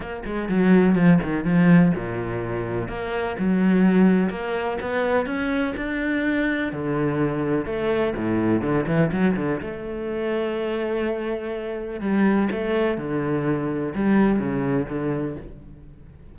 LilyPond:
\new Staff \with { instrumentName = "cello" } { \time 4/4 \tempo 4 = 125 ais8 gis8 fis4 f8 dis8 f4 | ais,2 ais4 fis4~ | fis4 ais4 b4 cis'4 | d'2 d2 |
a4 a,4 d8 e8 fis8 d8 | a1~ | a4 g4 a4 d4~ | d4 g4 cis4 d4 | }